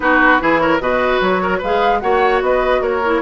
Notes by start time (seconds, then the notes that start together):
0.00 B3 D#4 F#4 B4
0.39 E3 E4 G#4
0.58 A#4 C#5
0.80 B2 F#4 B4 D#5
1.20 F#3 C#5
1.42 A#4
1.58 G#3 B4 F5
1.64 G#4
1.99 A#3 F#4 C#5 F#5
2.41 B3 B4 D#5
2.81 A#3 A#4 C#5
3.05 E4